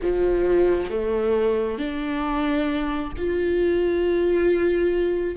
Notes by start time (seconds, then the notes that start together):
0.02 F3
0.90 A3
1.78 D4
3.17 F4